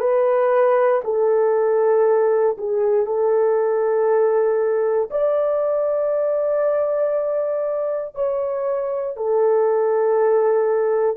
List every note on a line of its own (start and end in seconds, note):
0.00 1.02 B4
1.04 2.57 A4
2.58 3.06 G#4
3.06 5.10 A4
5.11 8.15 D5
8.15 9.17 C#5
9.17 11.17 A4